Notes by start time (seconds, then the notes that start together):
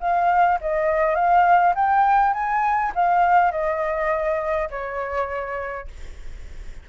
0.00 F5
0.61 D#5
1.15 F5
1.75 G5
2.33 G#5
2.95 F5
3.51 D#5
4.70 C#5